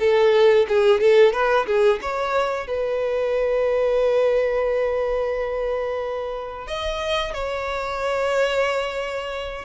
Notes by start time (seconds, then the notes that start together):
0.00 A4
0.68 G#4
1.01 A4
1.33 B4
1.67 G#4
2.02 C#5
2.68 B4
6.68 D#5
7.34 C#5